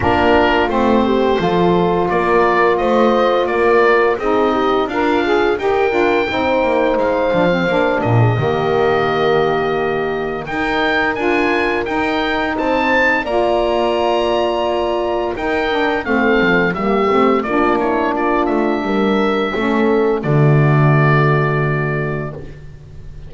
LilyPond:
<<
  \new Staff \with { instrumentName = "oboe" } { \time 4/4 \tempo 4 = 86 ais'4 c''2 d''4 | dis''4 d''4 dis''4 f''4 | g''2 f''4. dis''8~ | dis''2. g''4 |
gis''4 g''4 a''4 ais''4~ | ais''2 g''4 f''4 | e''4 d''8 cis''8 d''8 e''4.~ | e''4 d''2. | }
  \new Staff \with { instrumentName = "horn" } { \time 4/4 f'4. g'8 a'4 ais'4 | c''4 ais'4 gis'8 g'8 f'4 | ais'4 c''2~ c''8 ais'16 gis'16 | g'2. ais'4~ |
ais'2 c''4 d''4~ | d''2 ais'4 a'4 | g'4 f'8 e'8 f'4 ais'4 | a'4 fis'2. | }
  \new Staff \with { instrumentName = "saxophone" } { \time 4/4 d'4 c'4 f'2~ | f'2 dis'4 ais'8 gis'8 | g'8 f'8 dis'4. d'16 c'16 d'4 | ais2. dis'4 |
f'4 dis'2 f'4~ | f'2 dis'8 d'8 c'4 | ais8 c'8 d'2. | cis'4 a2. | }
  \new Staff \with { instrumentName = "double bass" } { \time 4/4 ais4 a4 f4 ais4 | a4 ais4 c'4 d'4 | dis'8 d'8 c'8 ais8 gis8 f8 ais8 ais,8 | dis2. dis'4 |
d'4 dis'4 c'4 ais4~ | ais2 dis'4 a8 f8 | g8 a8 ais4. a8 g4 | a4 d2. | }
>>